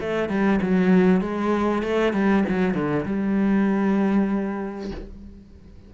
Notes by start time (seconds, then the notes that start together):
0.00 A3
0.29 G3
0.62 F#3
1.21 G#3
1.82 A3
2.13 G3
2.49 F#3
2.74 D3
3.05 G3